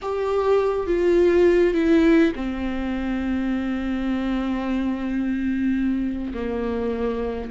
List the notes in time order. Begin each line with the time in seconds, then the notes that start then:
0.02 G4
0.87 F4
1.74 E4
2.35 C4
6.33 A#3